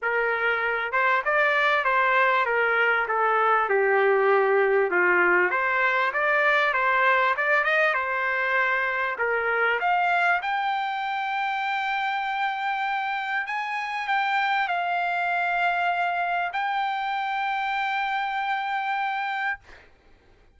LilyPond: \new Staff \with { instrumentName = "trumpet" } { \time 4/4 \tempo 4 = 98 ais'4. c''8 d''4 c''4 | ais'4 a'4 g'2 | f'4 c''4 d''4 c''4 | d''8 dis''8 c''2 ais'4 |
f''4 g''2.~ | g''2 gis''4 g''4 | f''2. g''4~ | g''1 | }